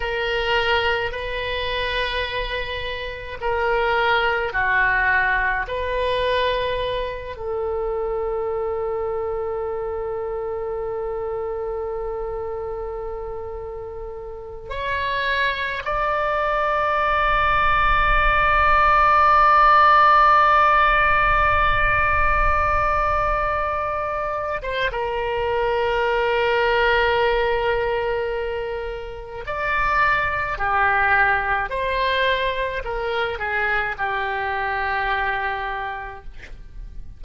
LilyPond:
\new Staff \with { instrumentName = "oboe" } { \time 4/4 \tempo 4 = 53 ais'4 b'2 ais'4 | fis'4 b'4. a'4.~ | a'1~ | a'4 cis''4 d''2~ |
d''1~ | d''4.~ d''16 c''16 ais'2~ | ais'2 d''4 g'4 | c''4 ais'8 gis'8 g'2 | }